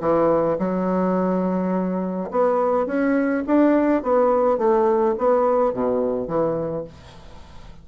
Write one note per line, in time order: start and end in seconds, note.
0.00 0.57 E3
0.58 2.30 F#3
2.30 2.86 B3
2.86 3.43 C#4
3.47 4.03 D4
4.03 4.58 B3
4.58 5.15 A3
5.18 5.73 B3
5.73 6.27 B2
6.27 6.84 E3